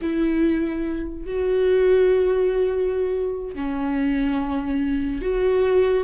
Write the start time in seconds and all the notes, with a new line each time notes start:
0.01 E4
1.25 F#4
3.55 C#4
5.21 F#4